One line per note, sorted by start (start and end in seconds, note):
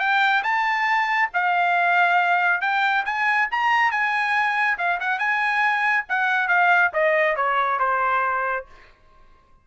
0.00 0.43 G5
0.44 1.30 A5
1.34 2.62 F5
2.62 3.05 G5
3.06 3.49 G#5
3.52 3.92 A#5
3.92 4.78 G#5
4.78 5.00 F5
5.00 5.19 F#5
5.19 6.05 G#5
6.09 6.48 F#5
6.48 6.91 F5
6.94 7.37 D#5
7.37 7.80 C#5
7.80 8.66 C5